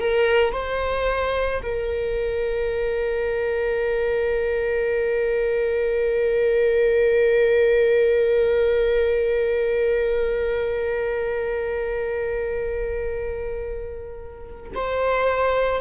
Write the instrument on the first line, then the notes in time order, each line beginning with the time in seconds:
viola
0.00 A#4
0.53 C5
1.63 A#4
14.75 C5